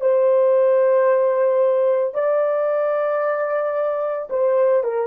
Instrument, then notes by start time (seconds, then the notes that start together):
horn
0.00 C5
2.14 D5
4.30 C5
4.83 A#4